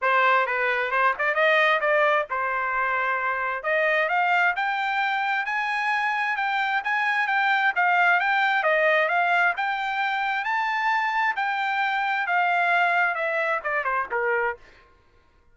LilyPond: \new Staff \with { instrumentName = "trumpet" } { \time 4/4 \tempo 4 = 132 c''4 b'4 c''8 d''8 dis''4 | d''4 c''2. | dis''4 f''4 g''2 | gis''2 g''4 gis''4 |
g''4 f''4 g''4 dis''4 | f''4 g''2 a''4~ | a''4 g''2 f''4~ | f''4 e''4 d''8 c''8 ais'4 | }